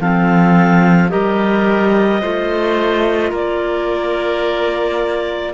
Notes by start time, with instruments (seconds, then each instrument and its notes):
0.00 cello F3, clarinet C4 F5, oboe A4
1.08 cello G3, clarinet G4 D#5, oboe A#4
2.21 cello A3, clarinet F4, oboe C5
3.30 cello A#3, oboe A#4, clarinet D5